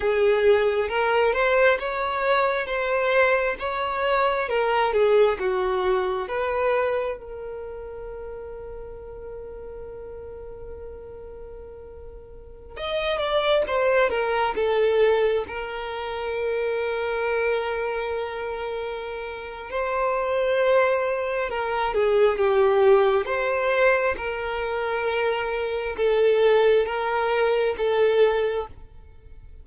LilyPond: \new Staff \with { instrumentName = "violin" } { \time 4/4 \tempo 4 = 67 gis'4 ais'8 c''8 cis''4 c''4 | cis''4 ais'8 gis'8 fis'4 b'4 | ais'1~ | ais'2~ ais'16 dis''8 d''8 c''8 ais'16~ |
ais'16 a'4 ais'2~ ais'8.~ | ais'2 c''2 | ais'8 gis'8 g'4 c''4 ais'4~ | ais'4 a'4 ais'4 a'4 | }